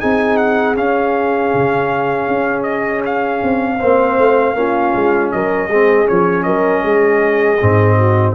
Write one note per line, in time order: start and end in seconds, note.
0.00 0.77 C4
0.00 0.76 D#4
0.00 3.79 G#4
0.00 0.37 G#5
0.37 0.75 F#5
0.76 3.80 C#4
0.76 1.53 C#4
0.76 2.63 F5
1.54 2.28 C#3
2.28 3.41 C#4
2.63 3.01 D#5
3.06 5.31 F5
3.43 3.81 C4
3.79 4.18 A#3
3.79 4.55 C4
3.79 4.55 C5
4.18 4.54 A3
4.54 4.92 A#3
4.54 5.69 C#4
4.54 5.34 F4
4.95 5.33 G#3
5.31 5.68 F#3
5.31 5.69 A#4
5.31 6.07 D#5
5.68 6.06 G#3
5.68 6.06 C4
5.68 6.44 G#4
6.06 6.46 F3
6.06 7.57 C#4
6.06 6.43 C#5
6.43 6.83 F#3
6.43 6.83 A#4
6.43 8.33 D#5
6.83 7.59 G#3
6.83 7.97 G#4
7.61 8.35 G#2
7.61 8.35 C4
7.97 8.35 F#4